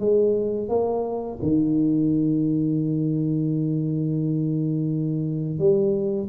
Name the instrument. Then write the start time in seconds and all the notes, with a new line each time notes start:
tuba
0.00 G#3
0.69 A#3
1.42 D#3
5.59 G3